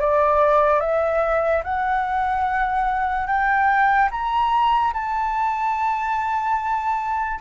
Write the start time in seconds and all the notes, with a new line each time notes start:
0.00 D5
0.80 E5
1.64 F#5
3.27 G5
4.11 A#5
4.93 A5